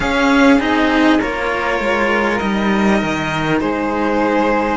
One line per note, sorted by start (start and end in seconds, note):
0.00 0.59 C#4
0.00 1.20 G#4
0.00 0.59 F5
0.59 1.19 C4
0.59 1.19 D#4
0.59 1.21 D#5
1.20 1.79 A#3
1.20 2.41 F4
1.20 3.60 A#4
1.20 2.38 C#5
1.79 2.39 G#3
2.38 3.02 G3
2.38 4.77 D#4
2.38 3.58 D#5
3.02 3.61 D#3
3.60 4.77 G#3
3.60 4.77 G#4
3.60 4.77 C5